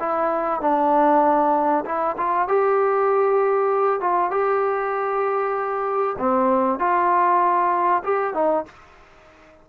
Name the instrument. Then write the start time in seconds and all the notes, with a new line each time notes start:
trombone
0.00 E4
0.61 D4
1.86 E4
2.18 F4
2.48 G4
4.01 F4
4.31 G4
6.19 C4
6.80 F4
8.04 G4
8.34 D#4